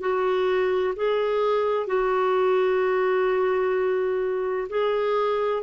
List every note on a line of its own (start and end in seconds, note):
0.00 0.94 F#4
0.96 1.87 G#4
1.87 4.68 F#4
4.69 5.63 G#4